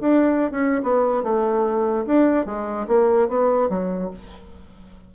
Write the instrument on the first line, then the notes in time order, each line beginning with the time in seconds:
bassoon
0.00 D4
0.51 C#4
0.82 B3
1.23 A3
2.06 D4
2.45 G#3
2.87 A#3
3.28 B3
3.69 F#3